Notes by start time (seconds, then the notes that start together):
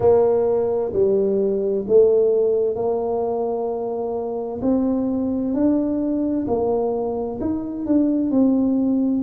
0.00 A#3
0.92 G3
1.87 A3
2.75 A#3
4.61 C4
5.53 D4
6.47 A#3
7.41 D#4
7.86 D4
8.30 C4